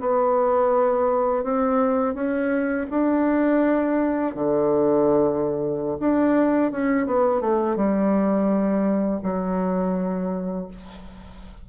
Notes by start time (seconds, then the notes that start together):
0.00 B3
1.44 C4
2.15 C#4
2.91 D4
4.35 D3
6.00 D4
6.72 C#4
7.06 B3
7.41 A3
7.76 G3
9.23 F#3